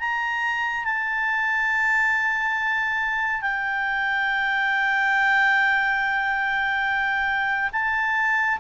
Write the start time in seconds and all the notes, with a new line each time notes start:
0.00 A#5
0.85 A5
3.42 G5
7.73 A5